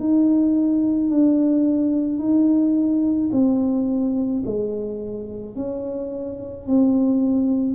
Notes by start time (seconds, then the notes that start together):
0.00 D#4
1.10 D4
2.19 D#4
3.32 C4
4.46 G#3
5.56 C#4
6.67 C4